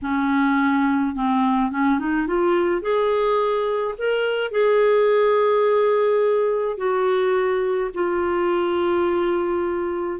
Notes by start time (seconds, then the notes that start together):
0.02 C#4
1.15 C4
1.71 C#4
1.99 D#4
2.27 F4
2.81 G#4
3.98 A#4
4.51 G#4
6.77 F#4
7.93 F4